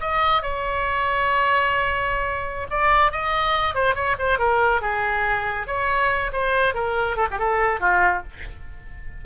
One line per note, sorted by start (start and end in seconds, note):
0.00 0.42 D#5
0.42 2.67 C#5
2.70 3.11 D5
3.11 3.74 D#5
3.74 3.94 C5
3.94 4.16 C#5
4.18 4.38 C5
4.38 4.81 A#4
4.81 5.67 G#4
5.67 6.31 C#5
6.32 6.74 C5
6.74 7.16 A#4
7.16 7.27 A4
7.31 7.38 G4
7.38 7.80 A4
7.80 8.23 F4